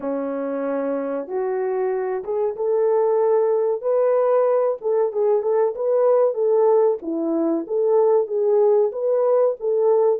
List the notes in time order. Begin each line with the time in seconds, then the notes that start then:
0.00 C#4
1.27 F#4
2.23 G#4
2.55 A4
3.82 B4
4.81 A4
5.12 G#4
5.42 A4
5.74 B4
6.34 A4
7.02 E4
7.67 A4
8.27 G#4
8.92 B4
9.59 A4